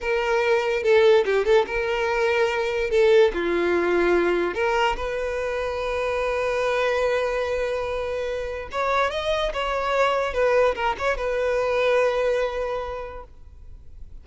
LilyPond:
\new Staff \with { instrumentName = "violin" } { \time 4/4 \tempo 4 = 145 ais'2 a'4 g'8 a'8 | ais'2. a'4 | f'2. ais'4 | b'1~ |
b'1~ | b'4 cis''4 dis''4 cis''4~ | cis''4 b'4 ais'8 cis''8 b'4~ | b'1 | }